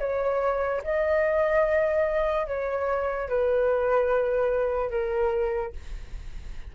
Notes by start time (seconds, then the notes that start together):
0.00 C#5
0.84 D#5
2.47 C#5
3.29 B4
4.91 A#4